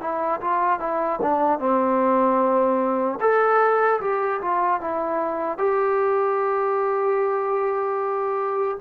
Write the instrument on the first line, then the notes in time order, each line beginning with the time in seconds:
trombone
0.00 E4
0.40 F4
0.79 E4
1.22 D4
1.59 C4
3.20 A4
4.00 G4
4.41 F4
4.80 E4
5.58 G4